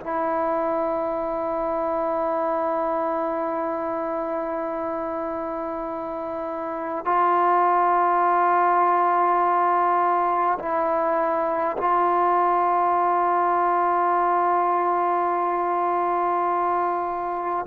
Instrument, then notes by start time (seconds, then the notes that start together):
trombone
0.00 E4
7.05 F4
10.59 E4
11.78 F4